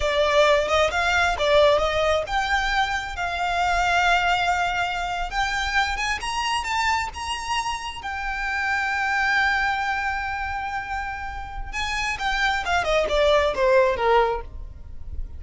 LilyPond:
\new Staff \with { instrumentName = "violin" } { \time 4/4 \tempo 4 = 133 d''4. dis''8 f''4 d''4 | dis''4 g''2 f''4~ | f''2.~ f''8. g''16~ | g''4~ g''16 gis''8 ais''4 a''4 ais''16~ |
ais''4.~ ais''16 g''2~ g''16~ | g''1~ | g''2 gis''4 g''4 | f''8 dis''8 d''4 c''4 ais'4 | }